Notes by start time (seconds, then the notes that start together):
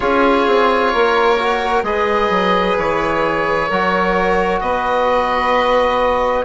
0.00 C#4 F4 G#4 C#5
0.47 C4
0.92 A#3 A#4
1.38 F#4
1.82 G#3 G#4 B4 D#5
2.29 F#3
2.76 E3 C#5
3.68 F#3 F#4 A#4
4.60 B3 B4 D#5